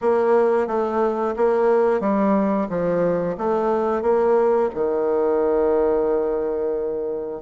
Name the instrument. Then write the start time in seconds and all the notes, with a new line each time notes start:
bassoon
0.01 A#3
0.67 A3
1.36 A#3
2.00 G3
2.69 F3
3.37 A3
4.02 A#3
4.74 D#3